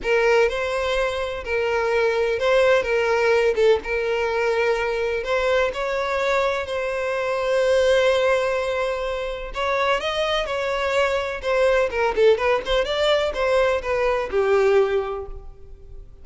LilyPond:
\new Staff \with { instrumentName = "violin" } { \time 4/4 \tempo 4 = 126 ais'4 c''2 ais'4~ | ais'4 c''4 ais'4. a'8 | ais'2. c''4 | cis''2 c''2~ |
c''1 | cis''4 dis''4 cis''2 | c''4 ais'8 a'8 b'8 c''8 d''4 | c''4 b'4 g'2 | }